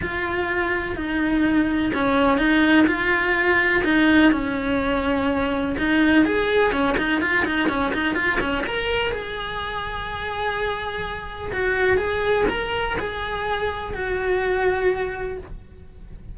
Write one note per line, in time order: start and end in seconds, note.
0.01 0.96 F4
0.96 1.92 D#4
1.93 2.38 C#4
2.38 2.86 D#4
2.87 3.83 F4
3.84 4.32 D#4
4.32 5.76 C#4
5.78 6.25 D#4
6.25 6.72 G#4
6.72 6.96 C#4
6.97 7.21 D#4
7.21 7.45 F4
7.45 7.68 D#4
7.68 7.92 C#4
7.93 8.14 D#4
8.14 8.38 F4
8.40 8.64 C#4
8.66 9.11 A#4
9.11 11.51 G#4
11.52 11.97 F#4
11.97 12.45 G#4
12.49 12.97 A#4
12.99 13.93 G#4
13.93 15.37 F#4